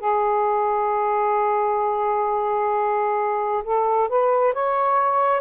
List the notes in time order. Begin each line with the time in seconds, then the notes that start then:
0.00 G#4
3.64 A4
4.09 B4
4.54 C#5